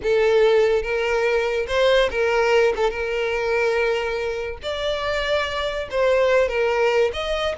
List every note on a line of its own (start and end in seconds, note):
0.02 0.82 A4
0.82 1.66 A#4
1.67 2.09 C5
2.10 2.73 A#4
2.75 2.90 A4
2.90 4.58 A#4
4.62 5.88 D5
5.90 6.48 C5
6.48 7.11 A#4
7.13 7.55 D#5